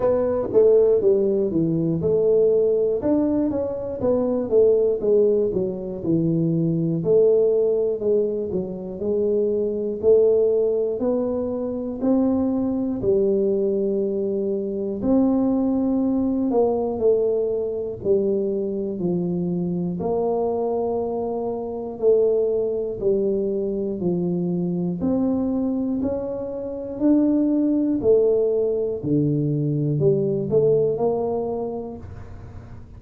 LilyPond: \new Staff \with { instrumentName = "tuba" } { \time 4/4 \tempo 4 = 60 b8 a8 g8 e8 a4 d'8 cis'8 | b8 a8 gis8 fis8 e4 a4 | gis8 fis8 gis4 a4 b4 | c'4 g2 c'4~ |
c'8 ais8 a4 g4 f4 | ais2 a4 g4 | f4 c'4 cis'4 d'4 | a4 d4 g8 a8 ais4 | }